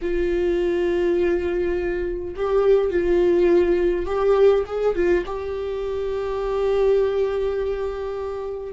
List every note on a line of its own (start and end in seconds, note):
0.01 2.34 F4
2.36 2.90 G4
2.90 4.05 F4
4.05 4.64 G4
4.66 4.95 G#4
4.95 5.24 F4
5.26 8.73 G4